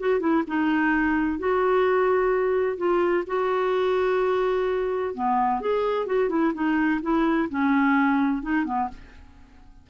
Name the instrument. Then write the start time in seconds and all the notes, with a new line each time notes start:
clarinet
0.00 F#4
0.20 E4
0.48 D#4
1.39 F#4
2.78 F4
3.27 F#4
5.15 B3
5.61 G#4
6.07 F#4
6.30 E4
6.55 D#4
7.03 E4
7.50 C#4
8.43 D#4
8.65 B3